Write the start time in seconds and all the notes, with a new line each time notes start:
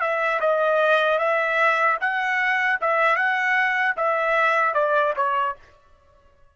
0.00 E5
0.40 D#5
1.18 E5
2.00 F#5
2.81 E5
3.16 F#5
3.96 E5
4.74 D5
5.16 C#5